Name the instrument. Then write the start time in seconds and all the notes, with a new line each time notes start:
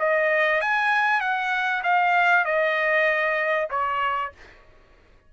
trumpet
0.00 D#5
0.61 G#5
1.21 F#5
1.84 F5
2.46 D#5
3.71 C#5